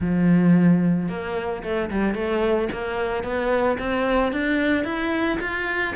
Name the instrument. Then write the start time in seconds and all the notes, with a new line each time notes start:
cello
0.00 F3
1.08 A#3
1.63 A3
1.90 G3
2.14 A3
2.72 A#3
3.23 B3
3.78 C4
4.32 D4
4.84 E4
5.40 F4